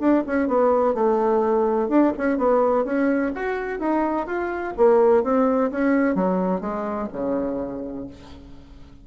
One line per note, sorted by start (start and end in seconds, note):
0.00 0.24 D4
0.27 0.49 C#4
0.49 0.95 B3
0.95 1.89 A3
1.89 2.13 D4
2.18 2.38 C#4
2.38 2.85 B3
2.85 3.32 C#4
3.36 3.80 F#4
3.80 4.27 D#4
4.27 4.74 F4
4.78 5.24 A#3
5.24 5.71 C4
5.71 6.16 C#4
6.16 6.61 F#3
6.61 7.08 G#3
7.13 8.07 C#3